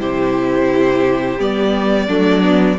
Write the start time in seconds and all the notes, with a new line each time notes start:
0.00 C3 E4 G4 C5
1.38 G3 B3 D5
2.07 F#3 A3 D4
2.42 B3